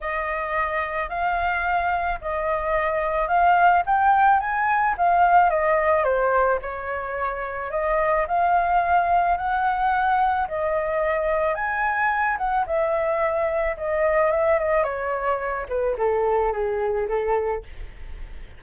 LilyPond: \new Staff \with { instrumentName = "flute" } { \time 4/4 \tempo 4 = 109 dis''2 f''2 | dis''2 f''4 g''4 | gis''4 f''4 dis''4 c''4 | cis''2 dis''4 f''4~ |
f''4 fis''2 dis''4~ | dis''4 gis''4. fis''8 e''4~ | e''4 dis''4 e''8 dis''8 cis''4~ | cis''8 b'8 a'4 gis'4 a'4 | }